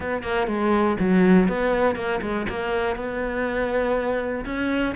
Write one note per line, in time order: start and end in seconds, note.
0.00 0.22 B3
0.22 0.47 A#3
0.47 0.96 G#3
0.99 1.48 F#3
1.48 1.95 B3
1.95 2.20 A#3
2.21 2.46 G#3
2.49 2.96 A#3
2.96 4.44 B3
4.45 4.95 C#4